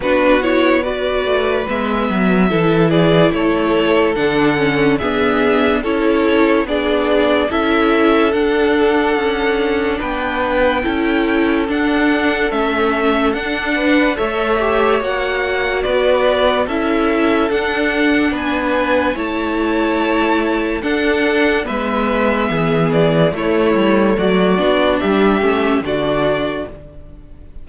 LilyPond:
<<
  \new Staff \with { instrumentName = "violin" } { \time 4/4 \tempo 4 = 72 b'8 cis''8 d''4 e''4. d''8 | cis''4 fis''4 e''4 cis''4 | d''4 e''4 fis''2 | g''2 fis''4 e''4 |
fis''4 e''4 fis''4 d''4 | e''4 fis''4 gis''4 a''4~ | a''4 fis''4 e''4. d''8 | cis''4 d''4 e''4 d''4 | }
  \new Staff \with { instrumentName = "violin" } { \time 4/4 fis'4 b'2 a'8 gis'8 | a'2 gis'4 a'4 | gis'4 a'2. | b'4 a'2.~ |
a'8 b'8 cis''2 b'4 | a'2 b'4 cis''4~ | cis''4 a'4 b'4 gis'4 | e'4 fis'4 g'4 fis'4 | }
  \new Staff \with { instrumentName = "viola" } { \time 4/4 d'8 e'8 fis'4 b4 e'4~ | e'4 d'8 cis'8 b4 e'4 | d'4 e'4 d'2~ | d'4 e'4 d'4 cis'4 |
d'4 a'8 g'8 fis'2 | e'4 d'2 e'4~ | e'4 d'4 b2 | a4. d'4 cis'8 d'4 | }
  \new Staff \with { instrumentName = "cello" } { \time 4/4 b4. a8 gis8 fis8 e4 | a4 d4 d'4 cis'4 | b4 cis'4 d'4 cis'4 | b4 cis'4 d'4 a4 |
d'4 a4 ais4 b4 | cis'4 d'4 b4 a4~ | a4 d'4 gis4 e4 | a8 g8 fis8 b8 g8 a8 d4 | }
>>